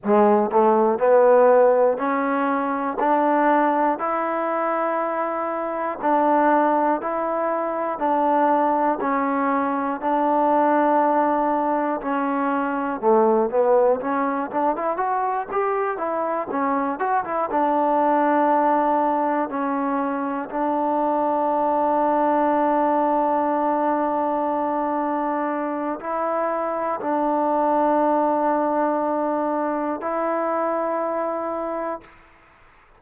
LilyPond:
\new Staff \with { instrumentName = "trombone" } { \time 4/4 \tempo 4 = 60 gis8 a8 b4 cis'4 d'4 | e'2 d'4 e'4 | d'4 cis'4 d'2 | cis'4 a8 b8 cis'8 d'16 e'16 fis'8 g'8 |
e'8 cis'8 fis'16 e'16 d'2 cis'8~ | cis'8 d'2.~ d'8~ | d'2 e'4 d'4~ | d'2 e'2 | }